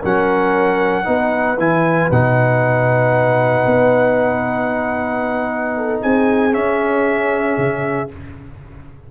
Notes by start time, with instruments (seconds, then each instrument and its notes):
0.00 tuba F#3, trombone C#4, horn A#4, trumpet F#5
1.04 tuba B3, trombone D#4, horn B4
1.58 tuba E3, trombone E4, trumpet G#5
2.10 tuba B2, trombone D#4, trumpet F#5
3.66 tuba B3
5.76 horn A4
6.02 tuba C4, horn G#4, trumpet G#5
6.52 trombone C#4, tuba C#4, trumpet E5
7.57 tuba C#3